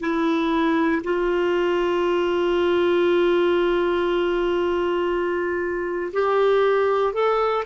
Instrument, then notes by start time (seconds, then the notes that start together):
clarinet
0.00 E4
1.04 F4
6.13 G4
7.14 A4